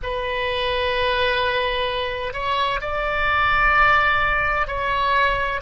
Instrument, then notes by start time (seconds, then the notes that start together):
oboe
0.03 B4
2.33 C#5
2.80 D5
4.67 C#5